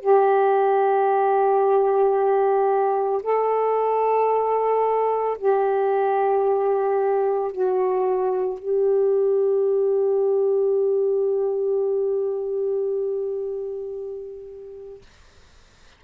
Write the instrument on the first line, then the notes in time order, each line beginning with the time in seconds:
saxophone
0.00 G4
3.23 A4
5.38 G4
7.52 F#4
8.59 G4